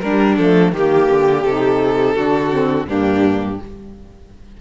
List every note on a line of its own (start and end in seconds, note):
0.00 0.38 G3
0.00 0.73 D4
0.00 0.36 A#4
0.37 0.72 F3
0.37 0.74 A3
0.37 0.73 A4
0.72 1.08 D#3
0.72 1.46 A#3
0.72 2.15 G4
0.72 1.44 G4
1.10 1.44 D3
1.44 2.15 C3
1.44 2.16 D#4
1.44 2.87 A4
2.15 2.88 D3
2.15 2.52 D4
2.15 2.86 F#4
2.52 2.86 C4
2.86 3.59 G2
2.86 3.57 A#3
2.86 3.60 D4
2.86 3.61 G4